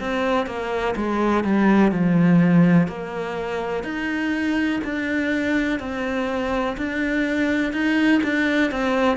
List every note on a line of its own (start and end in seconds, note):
0.00 0.46 C4
0.46 0.95 A#3
0.96 1.44 G#3
1.44 1.92 G3
1.92 2.88 F3
2.88 3.84 A#3
3.84 4.80 D#4
4.84 5.80 D4
5.80 6.77 C4
6.77 7.72 D4
7.72 8.21 D#4
8.23 8.71 D4
8.71 9.17 C4